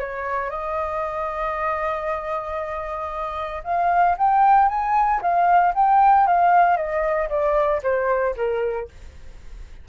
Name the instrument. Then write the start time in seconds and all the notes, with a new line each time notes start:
flute
0.00 C#5
0.50 D#5
3.65 F5
4.18 G5
4.69 G#5
5.22 F5
5.75 G5
6.27 F5
6.77 D#5
7.29 D5
7.83 C5
8.37 A#4